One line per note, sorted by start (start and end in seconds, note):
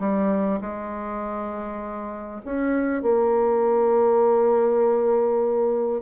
0.00 0.60 G3
0.61 2.41 G#3
2.45 3.02 C#4
3.02 6.02 A#3